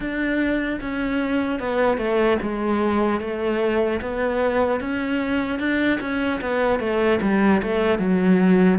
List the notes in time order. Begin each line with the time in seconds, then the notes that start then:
0.00 D4
0.80 C#4
1.59 B3
1.97 A3
2.42 G#3
3.20 A3
4.01 B3
4.80 C#4
5.59 D4
6.00 C#4
6.41 B3
6.79 A3
7.21 G3
7.62 A3
7.99 F#3